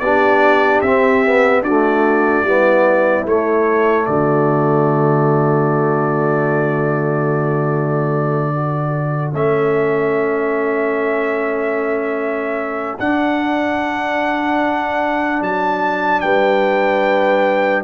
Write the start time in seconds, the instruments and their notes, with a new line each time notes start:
0.00 tuba B3, trombone D4, horn G4, trumpet D5
0.82 tuba C4, trombone C4, trumpet E5
1.26 trombone B3
1.63 trombone A3, tuba D4, horn F#4, trumpet D5
2.43 tuba G3, trombone B3, horn E4
3.26 tuba A3, trombone A3, trumpet C#5
4.06 tuba D3, horn F#4, trumpet D5
8.53 trombone F#4, horn A4
9.34 tuba A3, trombone C#4, trumpet E5
12.99 trombone D4, tuba D4, trumpet F#5
15.42 tuba F#3, trumpet A5
16.21 tuba G3, horn B4, trumpet G5